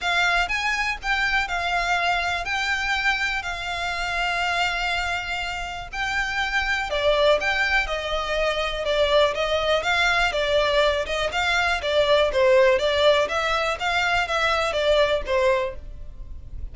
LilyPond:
\new Staff \with { instrumentName = "violin" } { \time 4/4 \tempo 4 = 122 f''4 gis''4 g''4 f''4~ | f''4 g''2 f''4~ | f''1 | g''2 d''4 g''4 |
dis''2 d''4 dis''4 | f''4 d''4. dis''8 f''4 | d''4 c''4 d''4 e''4 | f''4 e''4 d''4 c''4 | }